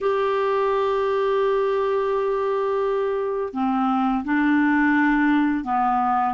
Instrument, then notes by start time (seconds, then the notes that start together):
clarinet
0.00 G4
3.53 C4
4.24 D4
5.64 B3